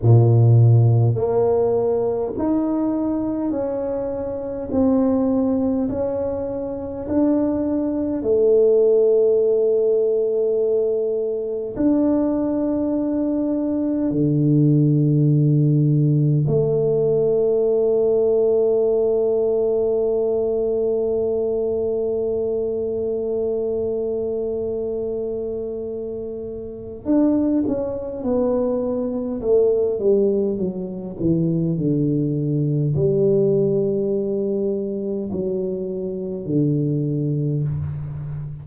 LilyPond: \new Staff \with { instrumentName = "tuba" } { \time 4/4 \tempo 4 = 51 ais,4 ais4 dis'4 cis'4 | c'4 cis'4 d'4 a4~ | a2 d'2 | d2 a2~ |
a1~ | a2. d'8 cis'8 | b4 a8 g8 fis8 e8 d4 | g2 fis4 d4 | }